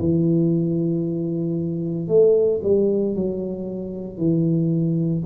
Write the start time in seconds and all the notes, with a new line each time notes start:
0.00 E3
2.08 A3
2.64 G3
3.15 F#3
4.18 E3